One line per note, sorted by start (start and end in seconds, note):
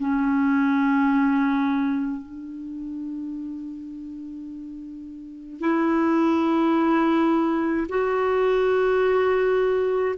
0.00 2.22 C#4
2.22 5.61 D4
5.61 7.87 E4
7.89 10.16 F#4